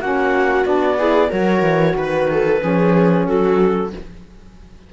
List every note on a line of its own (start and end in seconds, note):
0.00 0.65 A#3
0.00 0.65 C#4
0.00 0.98 F#4
0.00 0.66 F#5
0.65 1.31 B3
0.65 0.97 D4
0.65 1.31 D5
0.97 1.30 E4
0.97 1.30 G#4
1.30 1.62 F#3
1.30 2.60 F#4
1.30 1.95 A#4
1.30 1.96 C#5
1.62 1.95 E3
1.96 2.61 D#3
1.96 2.30 B4
1.96 3.27 B4
2.31 2.63 A4
2.60 3.28 F3
2.60 3.90 C#4
2.60 3.27 G#4
3.27 3.93 F#3
3.27 3.92 F#4
3.27 3.92 A4